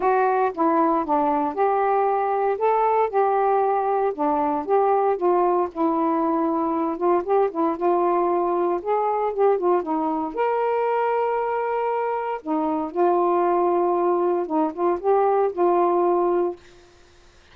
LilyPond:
\new Staff \with { instrumentName = "saxophone" } { \time 4/4 \tempo 4 = 116 fis'4 e'4 d'4 g'4~ | g'4 a'4 g'2 | d'4 g'4 f'4 e'4~ | e'4. f'8 g'8 e'8 f'4~ |
f'4 gis'4 g'8 f'8 dis'4 | ais'1 | dis'4 f'2. | dis'8 f'8 g'4 f'2 | }